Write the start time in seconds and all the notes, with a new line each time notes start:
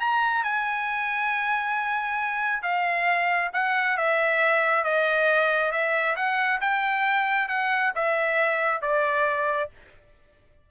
0.00 A#5
0.44 G#5
2.62 F5
3.53 F#5
3.97 E5
4.84 D#5
5.72 E5
6.16 F#5
6.61 G5
7.49 F#5
7.95 E5
8.82 D5